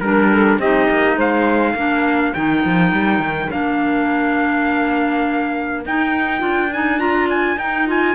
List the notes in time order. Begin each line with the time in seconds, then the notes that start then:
0.00 G3 D4 A#4
0.31 A4
0.58 C4 D#4 G4 D#5
0.89 A#3
1.16 G#3 C5 F5
1.73 A#3 D4 A#4
2.34 D#3 D#4 G5
2.65 F3
2.92 G3
3.19 D#3
3.50 A#3 D4 F5
5.85 D#4 G5
6.39 D4 F4
6.73 D#4 G#5
6.98 F4 A#5
7.29 G#5
7.56 D#4 G5
7.86 F4 G#5